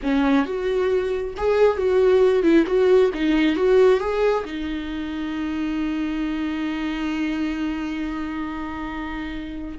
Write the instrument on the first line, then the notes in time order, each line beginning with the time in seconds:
viola
0.02 C#4
0.45 F#4
1.37 G#4
1.77 F#4
2.43 E4
2.66 F#4
3.14 D#4
3.56 F#4
4.00 G#4
4.44 D#4